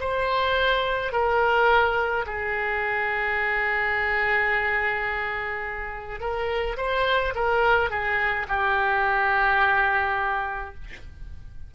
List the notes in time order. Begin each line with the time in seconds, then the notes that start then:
0.00 C5
1.12 A#4
2.27 G#4
6.21 A#4
6.78 C5
7.35 A#4
7.90 G#4
8.49 G4